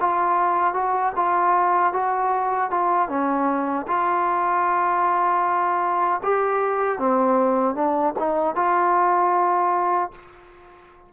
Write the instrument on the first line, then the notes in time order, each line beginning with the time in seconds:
trombone
0.00 F4
0.74 F#4
1.15 F4
1.93 F#4
2.71 F4
3.09 C#4
3.87 F4
6.23 G4
6.99 C4
7.75 D4
8.19 D#4
8.55 F4